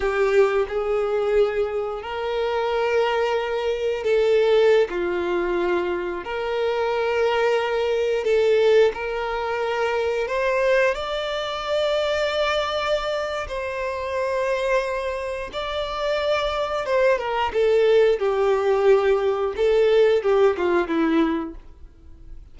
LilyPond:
\new Staff \with { instrumentName = "violin" } { \time 4/4 \tempo 4 = 89 g'4 gis'2 ais'4~ | ais'2 a'4~ a'16 f'8.~ | f'4~ f'16 ais'2~ ais'8.~ | ais'16 a'4 ais'2 c''8.~ |
c''16 d''2.~ d''8. | c''2. d''4~ | d''4 c''8 ais'8 a'4 g'4~ | g'4 a'4 g'8 f'8 e'4 | }